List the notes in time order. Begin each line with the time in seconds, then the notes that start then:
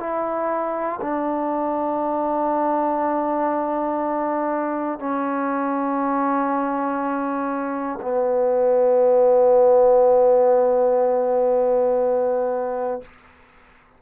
0.00 E4
1.01 D4
5.00 C#4
8.02 B3